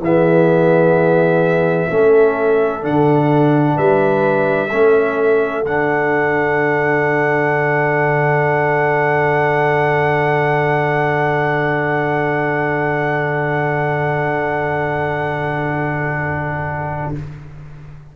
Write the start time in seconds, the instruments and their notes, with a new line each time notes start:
0.00 tuba E3, trombone B3, horn G#4, trumpet E5
1.90 tuba A3, trombone C#4, horn A4
2.82 tuba D3, trombone D4, trumpet F#5
3.76 tuba G3, horn B4, trumpet E5
4.71 tuba A3, trombone C#4, horn A4
5.64 tuba D3, trombone D4, trumpet F#5